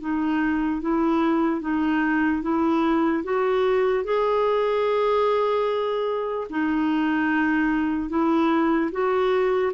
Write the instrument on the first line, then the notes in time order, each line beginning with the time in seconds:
clarinet
0.00 D#4
0.81 E4
1.61 D#4
2.42 E4
3.24 F#4
4.04 G#4
6.50 D#4
8.09 E4
8.92 F#4